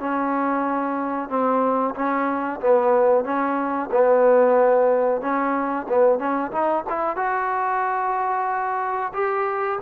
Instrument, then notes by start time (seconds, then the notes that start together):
trombone
0.00 C#4
1.30 C4
1.95 C#4
2.61 B3
3.25 C#4
3.92 B3
5.22 C#4
5.89 B3
6.19 C#4
6.52 D#4
6.90 E4
7.17 F#4
9.14 G4